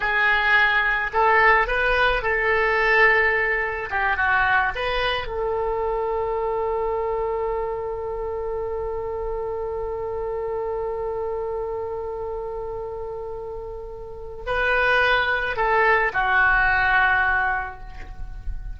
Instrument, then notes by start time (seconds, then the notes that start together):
oboe
0.00 G#4
1.13 A4
1.67 B4
2.22 A4
3.90 G4
4.16 F#4
4.75 B4
5.27 A4
14.46 B4
15.56 A4
16.13 F#4